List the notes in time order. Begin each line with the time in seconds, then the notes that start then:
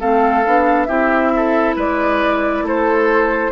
0.00 A3 C4 A4 F5
0.45 B3 D4
0.85 C4 E4 G4 E5
1.36 A4
1.76 G#3 B4 D5
2.62 A3 A4 C5